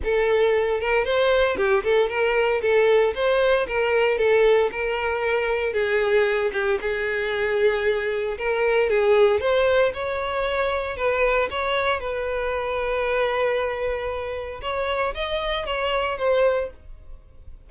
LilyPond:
\new Staff \with { instrumentName = "violin" } { \time 4/4 \tempo 4 = 115 a'4. ais'8 c''4 g'8 a'8 | ais'4 a'4 c''4 ais'4 | a'4 ais'2 gis'4~ | gis'8 g'8 gis'2. |
ais'4 gis'4 c''4 cis''4~ | cis''4 b'4 cis''4 b'4~ | b'1 | cis''4 dis''4 cis''4 c''4 | }